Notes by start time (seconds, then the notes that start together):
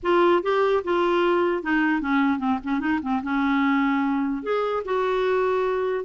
0.02 F4
0.42 G4
0.83 F4
1.62 D#4
2.01 C#4
2.38 C4
2.63 C#4
2.79 D#4
3.01 C4
3.22 C#4
4.43 G#4
4.84 F#4